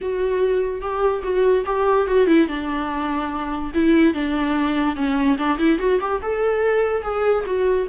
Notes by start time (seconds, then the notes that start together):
0.01 F#4
0.81 G4
1.23 F#4
1.65 G4
2.07 F#4
2.26 E4
2.47 D4
3.74 E4
4.14 D4
4.95 C#4
5.38 D4
5.58 E4
5.78 F#4
6.00 G4
6.21 A4
7.03 G#4
7.46 F#4